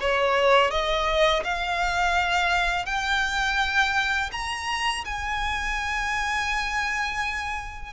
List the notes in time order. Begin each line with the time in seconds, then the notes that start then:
0.00 C#5
0.71 D#5
1.44 F5
2.86 G5
4.32 A#5
5.04 G#5